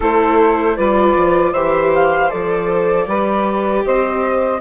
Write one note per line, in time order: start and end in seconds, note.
0.00 0.78 A3
0.00 0.77 E4
0.00 0.76 A4
0.00 0.76 C5
0.76 1.16 G3
0.76 1.54 F4
0.76 1.52 B4
0.76 1.53 D5
1.16 1.53 F3
1.52 2.29 E3
1.52 2.29 G4
1.52 3.05 C5
1.52 1.91 E5
1.94 2.30 F5
2.29 3.07 F3
2.29 3.06 A4
2.29 3.84 D5
3.06 3.83 G3
3.06 4.59 G4
3.06 3.84 B4
3.84 4.60 C4
3.84 4.60 C5
3.84 4.60 D#5